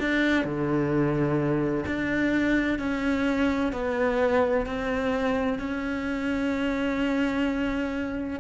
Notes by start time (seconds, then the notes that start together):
0.00 D4
0.44 D3
1.86 D4
2.79 C#4
3.72 B3
4.66 C4
5.59 C#4